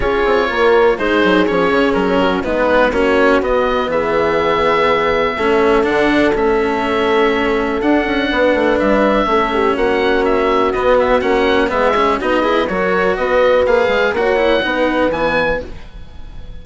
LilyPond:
<<
  \new Staff \with { instrumentName = "oboe" } { \time 4/4 \tempo 4 = 123 cis''2 c''4 cis''4 | ais'4 b'4 cis''4 dis''4 | e''1 | fis''4 e''2. |
fis''2 e''2 | fis''4 e''4 dis''8 e''8 fis''4 | e''4 dis''4 cis''4 dis''4 | f''4 fis''2 gis''4 | }
  \new Staff \with { instrumentName = "horn" } { \time 4/4 gis'4 ais'4 gis'2~ | gis'8 fis'8 dis'4 fis'2 | gis'2. a'4~ | a'1~ |
a'4 b'2 a'8 g'8 | fis'1 | gis'4 fis'8 gis'8 ais'4 b'4~ | b'4 cis''4 b'2 | }
  \new Staff \with { instrumentName = "cello" } { \time 4/4 f'2 dis'4 cis'4~ | cis'4 b4 cis'4 b4~ | b2. cis'4 | d'4 cis'2. |
d'2. cis'4~ | cis'2 b4 cis'4 | b8 cis'8 dis'8 e'8 fis'2 | gis'4 fis'8 e'8 dis'4 b4 | }
  \new Staff \with { instrumentName = "bassoon" } { \time 4/4 cis'8 c'8 ais4 gis8 fis8 f8 cis8 | fis4 gis4 ais4 b4 | e2. a4 | d4 a2. |
d'8 cis'8 b8 a8 g4 a4 | ais2 b4 ais4 | gis4 b4 fis4 b4 | ais8 gis8 ais4 b4 e4 | }
>>